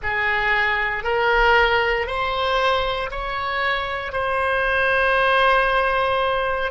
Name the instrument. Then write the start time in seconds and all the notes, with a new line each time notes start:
oboe
0.03 G#4
1.03 A#4
2.06 C5
3.10 C#5
4.12 C5